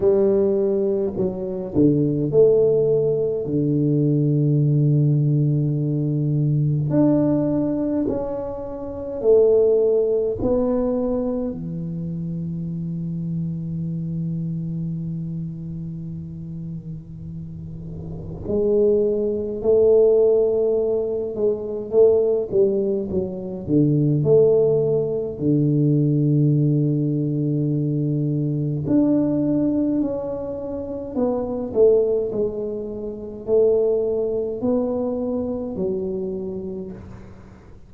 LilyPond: \new Staff \with { instrumentName = "tuba" } { \time 4/4 \tempo 4 = 52 g4 fis8 d8 a4 d4~ | d2 d'4 cis'4 | a4 b4 e2~ | e1 |
gis4 a4. gis8 a8 g8 | fis8 d8 a4 d2~ | d4 d'4 cis'4 b8 a8 | gis4 a4 b4 fis4 | }